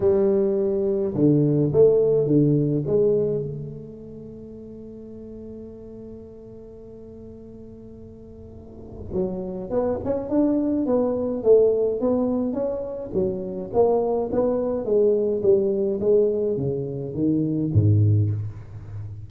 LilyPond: \new Staff \with { instrumentName = "tuba" } { \time 4/4 \tempo 4 = 105 g2 d4 a4 | d4 gis4 a2~ | a1~ | a1 |
fis4 b8 cis'8 d'4 b4 | a4 b4 cis'4 fis4 | ais4 b4 gis4 g4 | gis4 cis4 dis4 gis,4 | }